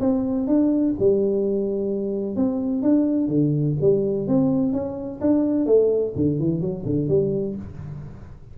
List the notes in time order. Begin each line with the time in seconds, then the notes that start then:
0.00 C4
0.47 D4
0.99 G3
2.36 C4
2.82 D4
3.28 D3
3.81 G3
4.28 C4
4.73 C#4
5.21 D4
5.66 A3
6.16 D3
6.39 E3
6.61 F#3
6.85 D3
7.08 G3